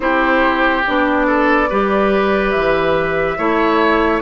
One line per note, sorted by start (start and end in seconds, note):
0.00 0.83 C4
0.00 0.83 E4
0.00 1.26 G4
0.00 0.83 C5
0.86 1.71 B3
0.86 1.69 D4
0.86 2.50 D5
1.26 1.68 A4
1.69 2.55 G3
1.69 3.38 G4
1.69 3.38 B4
2.50 3.38 E3
2.50 4.19 E5
3.38 4.21 A3
3.38 4.21 E4
3.38 4.21 C#5